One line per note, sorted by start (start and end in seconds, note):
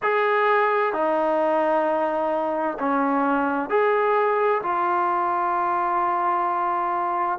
0.02 0.93 G#4
0.93 2.77 D#4
2.79 3.69 C#4
3.69 4.62 G#4
4.62 7.38 F4